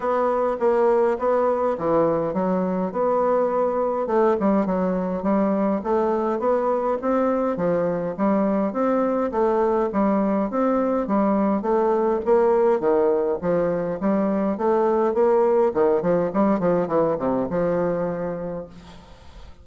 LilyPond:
\new Staff \with { instrumentName = "bassoon" } { \time 4/4 \tempo 4 = 103 b4 ais4 b4 e4 | fis4 b2 a8 g8 | fis4 g4 a4 b4 | c'4 f4 g4 c'4 |
a4 g4 c'4 g4 | a4 ais4 dis4 f4 | g4 a4 ais4 dis8 f8 | g8 f8 e8 c8 f2 | }